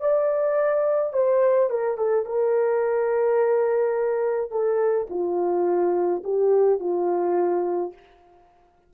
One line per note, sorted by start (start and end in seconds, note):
0.00 1.13 D5
1.13 1.70 C5
1.70 1.97 A#4
1.97 2.25 A4
2.25 4.51 A#4
4.51 5.07 A4
5.09 6.23 F4
6.23 6.79 G4
6.79 7.92 F4